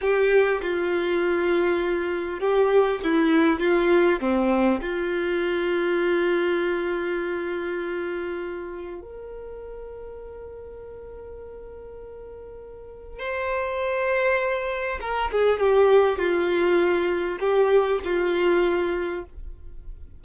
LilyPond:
\new Staff \with { instrumentName = "violin" } { \time 4/4 \tempo 4 = 100 g'4 f'2. | g'4 e'4 f'4 c'4 | f'1~ | f'2. ais'4~ |
ais'1~ | ais'2 c''2~ | c''4 ais'8 gis'8 g'4 f'4~ | f'4 g'4 f'2 | }